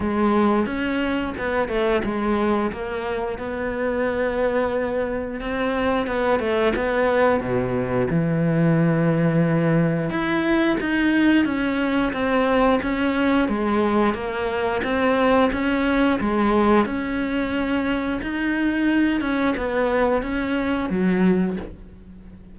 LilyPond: \new Staff \with { instrumentName = "cello" } { \time 4/4 \tempo 4 = 89 gis4 cis'4 b8 a8 gis4 | ais4 b2. | c'4 b8 a8 b4 b,4 | e2. e'4 |
dis'4 cis'4 c'4 cis'4 | gis4 ais4 c'4 cis'4 | gis4 cis'2 dis'4~ | dis'8 cis'8 b4 cis'4 fis4 | }